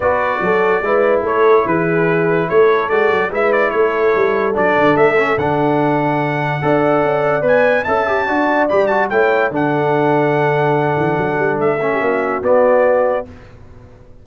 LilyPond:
<<
  \new Staff \with { instrumentName = "trumpet" } { \time 4/4 \tempo 4 = 145 d''2. cis''4 | b'2 cis''4 d''4 | e''8 d''8 cis''2 d''4 | e''4 fis''2.~ |
fis''2 gis''4 a''4~ | a''4 b''8 a''8 g''4 fis''4~ | fis''1 | e''2 d''2 | }
  \new Staff \with { instrumentName = "horn" } { \time 4/4 b'4 a'4 b'4 a'4 | gis'2 a'2 | b'4 a'2.~ | a'1 |
d''2. e''4 | d''2 cis''4 a'4~ | a'1~ | a'8. g'16 fis'2. | }
  \new Staff \with { instrumentName = "trombone" } { \time 4/4 fis'2 e'2~ | e'2. fis'4 | e'2. d'4~ | d'8 cis'8 d'2. |
a'2 b'4 a'8 g'8 | fis'4 g'8 fis'8 e'4 d'4~ | d'1~ | d'8 cis'4. b2 | }
  \new Staff \with { instrumentName = "tuba" } { \time 4/4 b4 fis4 gis4 a4 | e2 a4 gis8 fis8 | gis4 a4 g4 fis8 d8 | a4 d2. |
d'4 cis'4 b4 cis'4 | d'4 g4 a4 d4~ | d2~ d8 e8 fis8 g8 | a4 ais4 b2 | }
>>